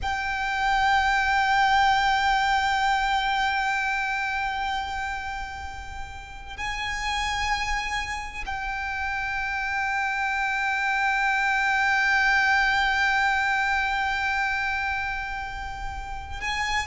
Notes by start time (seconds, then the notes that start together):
0.02 G5
6.56 G#5
8.46 G5
16.41 G#5